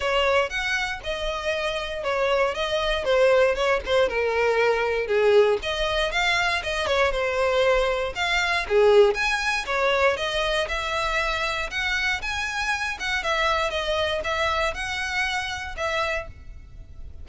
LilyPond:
\new Staff \with { instrumentName = "violin" } { \time 4/4 \tempo 4 = 118 cis''4 fis''4 dis''2 | cis''4 dis''4 c''4 cis''8 c''8 | ais'2 gis'4 dis''4 | f''4 dis''8 cis''8 c''2 |
f''4 gis'4 gis''4 cis''4 | dis''4 e''2 fis''4 | gis''4. fis''8 e''4 dis''4 | e''4 fis''2 e''4 | }